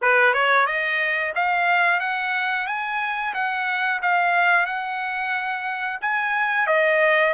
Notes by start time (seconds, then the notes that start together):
0.01 B4
0.33 C#5
0.66 D#5
1.35 F5
2.00 F#5
2.67 G#5
3.34 F#5
4.02 F5
4.65 F#5
6.01 G#5
6.66 D#5